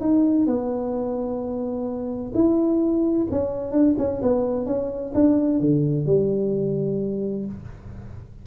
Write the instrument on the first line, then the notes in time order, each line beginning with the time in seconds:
tuba
0.00 D#4
0.46 B3
2.34 E4
3.30 C#4
3.71 D4
3.98 C#4
4.22 B3
4.66 C#4
5.14 D4
5.60 D3
6.06 G3